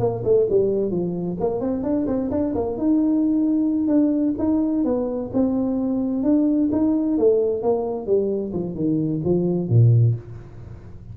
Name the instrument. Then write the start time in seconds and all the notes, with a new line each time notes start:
tuba
0.00 A#3
0.24 A3
0.50 G3
0.91 F3
1.40 A#3
1.61 C4
1.83 D4
2.07 C4
2.31 D4
2.55 A#3
2.77 D#4
3.88 D4
4.39 D#4
4.85 B3
5.34 C4
6.24 D4
6.72 D#4
7.18 A3
7.63 A#3
8.07 G3
8.54 F3
8.75 D#3
9.25 F3
9.69 A#2